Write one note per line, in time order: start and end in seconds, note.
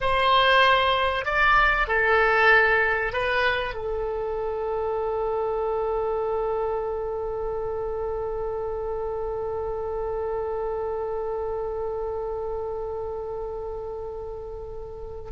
0.01 1.25 C5
1.25 1.88 D5
1.88 3.12 A4
3.12 3.74 B4
3.74 15.30 A4